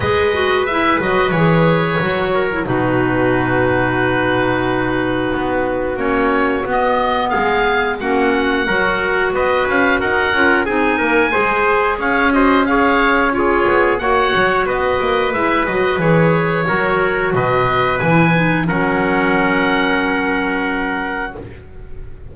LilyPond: <<
  \new Staff \with { instrumentName = "oboe" } { \time 4/4 \tempo 4 = 90 dis''4 e''8 dis''8 cis''2 | b'1~ | b'4 cis''4 dis''4 f''4 | fis''2 dis''8 f''8 fis''4 |
gis''2 f''8 dis''8 f''4 | cis''4 fis''4 dis''4 e''8 dis''8 | cis''2 dis''4 gis''4 | fis''1 | }
  \new Staff \with { instrumentName = "trumpet" } { \time 4/4 b'2.~ b'8 ais'8 | fis'1~ | fis'2. gis'4 | fis'4 ais'4 b'4 ais'4 |
gis'8 ais'8 c''4 cis''8 c''8 cis''4 | gis'4 cis''4 b'2~ | b'4 ais'4 b'2 | ais'1 | }
  \new Staff \with { instrumentName = "clarinet" } { \time 4/4 gis'8 fis'8 e'8 fis'8 gis'4 fis'8. e'16 | dis'1~ | dis'4 cis'4 b2 | cis'4 fis'2~ fis'8 f'8 |
dis'4 gis'4. fis'8 gis'4 | f'4 fis'2 e'8 fis'8 | gis'4 fis'2 e'8 dis'8 | cis'1 | }
  \new Staff \with { instrumentName = "double bass" } { \time 4/4 gis4. fis8 e4 fis4 | b,1 | b4 ais4 b4 gis4 | ais4 fis4 b8 cis'8 dis'8 cis'8 |
c'8 ais8 gis4 cis'2~ | cis'8 b8 ais8 fis8 b8 ais8 gis8 fis8 | e4 fis4 b,4 e4 | fis1 | }
>>